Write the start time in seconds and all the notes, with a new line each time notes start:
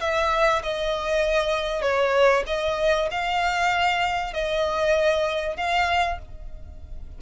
0.00 E5
0.63 D#5
1.81 C#5
2.47 D#5
3.11 F5
4.33 D#5
5.57 F5